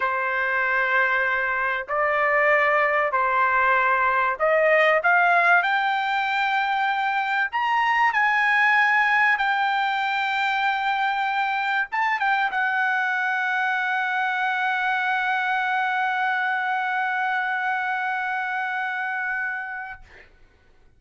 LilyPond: \new Staff \with { instrumentName = "trumpet" } { \time 4/4 \tempo 4 = 96 c''2. d''4~ | d''4 c''2 dis''4 | f''4 g''2. | ais''4 gis''2 g''4~ |
g''2. a''8 g''8 | fis''1~ | fis''1~ | fis''1 | }